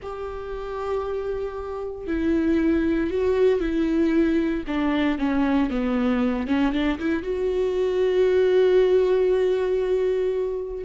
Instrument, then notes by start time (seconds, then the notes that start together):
viola
0.02 G4
2.07 E4
3.10 F#4
3.60 E4
4.67 D4
5.18 C#4
5.70 B3
6.47 C#4
6.72 D4
6.98 E4
7.22 F#4